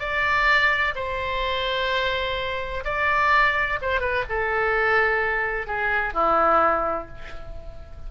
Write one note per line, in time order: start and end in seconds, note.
0.00 0.94 D5
0.96 2.85 C5
2.85 3.79 D5
3.82 4.01 C5
4.01 4.25 B4
4.29 5.67 A4
5.67 6.14 G#4
6.14 7.08 E4